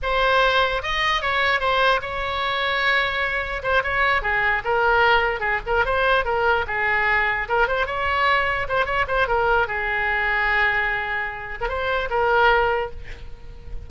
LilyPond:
\new Staff \with { instrumentName = "oboe" } { \time 4/4 \tempo 4 = 149 c''2 dis''4 cis''4 | c''4 cis''2.~ | cis''4 c''8 cis''4 gis'4 ais'8~ | ais'4. gis'8 ais'8 c''4 ais'8~ |
ais'8 gis'2 ais'8 c''8 cis''8~ | cis''4. c''8 cis''8 c''8 ais'4 | gis'1~ | gis'8. ais'16 c''4 ais'2 | }